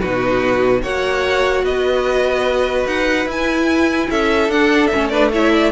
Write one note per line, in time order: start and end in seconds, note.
0.00 0.83 B2
0.00 0.85 D#4
0.00 0.82 F#4
0.00 0.82 B4
0.82 1.63 A#3
0.82 3.28 F#4
0.82 1.64 C#5
0.82 1.65 F#5
1.63 2.86 B3
1.63 4.10 B4
1.63 2.87 D#5
2.86 3.26 D#4
2.86 3.28 F#5
3.26 4.08 E4
3.26 4.50 E4
3.26 4.11 G#5
4.10 4.49 C#4
4.10 5.11 A4
4.10 4.51 E5
4.49 4.90 D4
4.49 4.93 D4
4.49 4.87 F#5
4.87 5.11 C#4
4.87 5.08 E5
4.95 5.72 A3
5.09 5.32 D4
5.09 5.31 B4
5.09 5.29 D5
5.33 5.72 E4
5.33 5.52 C#5
5.33 5.72 E5
5.52 5.72 D5